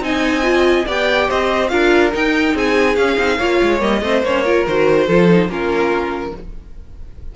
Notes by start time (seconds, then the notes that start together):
0.00 C4 D#4 D#5 G#5
0.42 F4
0.86 B3 G4 D5 G5
1.28 C4 C5 D#5
1.68 D4 F4 A#4 F5
2.12 D#4 G5
2.54 C4 G#4 G#5
2.96 C#4 F5
3.17 C4 D#4
3.37 A#3 F4 C#5
3.62 G#3
3.80 G3 A#3 D#5
4.02 A3 C4 C5
4.23 A#3 C#4 C#5
4.44 F4 A#4
4.67 D#3 F#4 C5
5.07 F3 F4 A4
5.29 D#4
5.48 A#3 C#4 F4 A#4